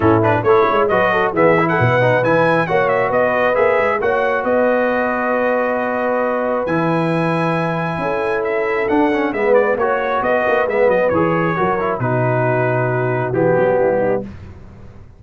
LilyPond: <<
  \new Staff \with { instrumentName = "trumpet" } { \time 4/4 \tempo 4 = 135 a'8 b'8 cis''4 dis''4 e''8. fis''16~ | fis''4 gis''4 fis''8 e''8 dis''4 | e''4 fis''4 dis''2~ | dis''2. gis''4~ |
gis''2. e''4 | fis''4 e''8 d''8 cis''4 dis''4 | e''8 dis''8 cis''2 b'4~ | b'2 g'2 | }
  \new Staff \with { instrumentName = "horn" } { \time 4/4 e'4 a'8 cis''8 b'8 a'8 gis'8. a'16 | b'2 cis''4 b'4~ | b'4 cis''4 b'2~ | b'1~ |
b'2 a'2~ | a'4 b'4 cis''4 b'4~ | b'2 ais'4 fis'4~ | fis'2. e'8 dis'8 | }
  \new Staff \with { instrumentName = "trombone" } { \time 4/4 cis'8 d'8 e'4 fis'4 b8 e'8~ | e'8 dis'8 e'4 fis'2 | gis'4 fis'2.~ | fis'2. e'4~ |
e'1 | d'8 cis'8 b4 fis'2 | b4 gis'4 fis'8 e'8 dis'4~ | dis'2 b2 | }
  \new Staff \with { instrumentName = "tuba" } { \time 4/4 a,4 a8 gis8 fis4 e4 | b,4 e4 ais4 b4 | ais8 gis8 ais4 b2~ | b2. e4~ |
e2 cis'2 | d'4 gis4 ais4 b8 ais8 | gis8 fis8 e4 fis4 b,4~ | b,2 e8 fis8 g4 | }
>>